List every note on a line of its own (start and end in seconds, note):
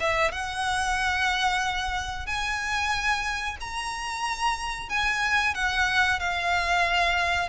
0.00 0.31 E5
0.31 2.26 F#5
2.26 3.57 G#5
3.60 4.89 A#5
4.89 5.54 G#5
5.54 6.20 F#5
6.20 7.49 F5